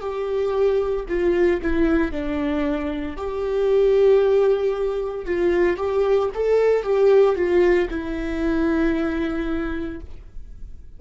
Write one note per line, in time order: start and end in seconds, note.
0.00 1.05 G4
1.08 1.61 F4
1.62 2.11 E4
2.11 3.16 D4
3.16 5.25 G4
5.25 5.77 F4
5.77 6.29 G4
6.34 6.82 A4
6.82 7.35 G4
7.35 7.88 F4
7.89 10.00 E4